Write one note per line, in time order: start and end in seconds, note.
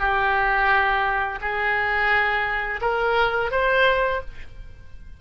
0.00 1.40 G4
1.41 2.81 G#4
2.82 3.52 A#4
3.52 4.21 C5